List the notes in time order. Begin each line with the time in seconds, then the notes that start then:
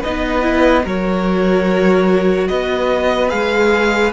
0.00 D#4 B4 D#5
0.07 B3
0.42 E4
0.83 F#3 F#4 A#4 C#5
2.48 B3 B4 D#5
3.29 G#3 G#4 F5